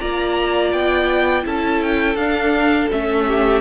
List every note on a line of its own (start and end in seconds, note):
0.00 0.73 A#3
0.00 1.43 F4
0.00 1.45 D5
0.00 0.72 A#5
0.72 1.45 B3
0.72 1.45 G5
1.43 2.15 C#4
1.43 2.16 E4
1.43 3.26 A4
1.43 1.83 A5
1.83 2.16 G5
2.15 2.87 D4
2.15 2.91 D4
2.15 2.88 F5
2.91 3.61 A3
2.91 3.61 C#4
2.91 3.61 E5
3.28 3.61 G4